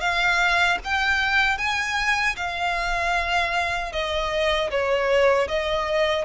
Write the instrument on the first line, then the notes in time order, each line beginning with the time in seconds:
violin
0.00 F5
0.84 G5
1.58 G#5
2.36 F5
3.92 D#5
4.70 C#5
5.48 D#5